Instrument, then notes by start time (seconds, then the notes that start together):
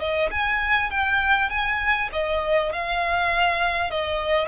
violin
0.00 D#5
0.31 G#5
0.91 G5
1.50 G#5
2.13 D#5
2.73 F5
3.91 D#5